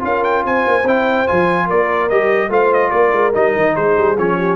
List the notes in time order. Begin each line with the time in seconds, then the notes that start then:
0.00 C#4 F4 A#4 F5
0.24 G5
0.45 C4 C5 G#5
0.68 A#3
0.84 C4 E4 G5
1.28 F3 F4 G#5
1.67 A#3 A#4 D5
2.10 G3 G4 D#5
2.50 A3 F4 C5 F5
2.73 D#5
2.91 A#3 A#4 D5
3.13 G#3
3.34 G3 D#4 D#5
3.56 D#3
3.76 G#3 G#4 C5
3.98 G3
4.18 F3 C#4 C#5
4.38 G4